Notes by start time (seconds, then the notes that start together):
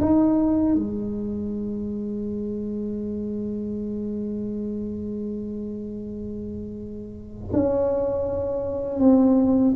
0.00 D#4
0.75 G#3
7.52 C#4
8.99 C4